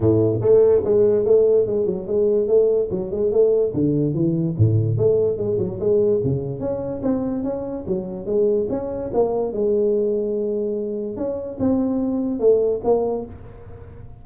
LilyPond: \new Staff \with { instrumentName = "tuba" } { \time 4/4 \tempo 4 = 145 a,4 a4 gis4 a4 | gis8 fis8 gis4 a4 fis8 gis8 | a4 d4 e4 a,4 | a4 gis8 fis8 gis4 cis4 |
cis'4 c'4 cis'4 fis4 | gis4 cis'4 ais4 gis4~ | gis2. cis'4 | c'2 a4 ais4 | }